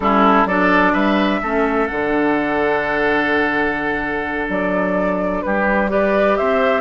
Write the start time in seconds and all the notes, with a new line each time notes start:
0.00 G3 C#4 E4 A4
0.45 F#3 D4 A4 D5
0.92 G3 B4 E5
1.42 A3 C#4 A4
1.87 D3 D4 F#5
4.48 F#3 D5
5.42 G3 G4 B4
5.88 G4 B4 D5
6.37 C4 C5 E5